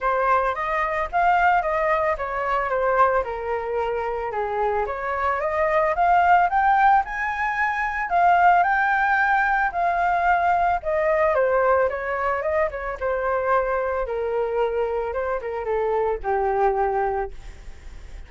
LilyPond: \new Staff \with { instrumentName = "flute" } { \time 4/4 \tempo 4 = 111 c''4 dis''4 f''4 dis''4 | cis''4 c''4 ais'2 | gis'4 cis''4 dis''4 f''4 | g''4 gis''2 f''4 |
g''2 f''2 | dis''4 c''4 cis''4 dis''8 cis''8 | c''2 ais'2 | c''8 ais'8 a'4 g'2 | }